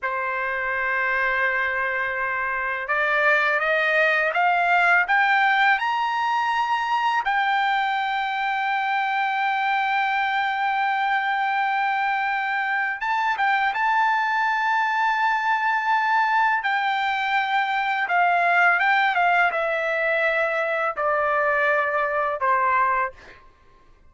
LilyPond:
\new Staff \with { instrumentName = "trumpet" } { \time 4/4 \tempo 4 = 83 c''1 | d''4 dis''4 f''4 g''4 | ais''2 g''2~ | g''1~ |
g''2 a''8 g''8 a''4~ | a''2. g''4~ | g''4 f''4 g''8 f''8 e''4~ | e''4 d''2 c''4 | }